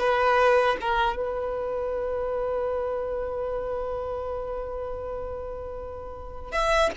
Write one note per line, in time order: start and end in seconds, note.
0.00 0.77 B4
0.81 1.17 A#4
1.17 6.52 B4
6.52 6.91 E5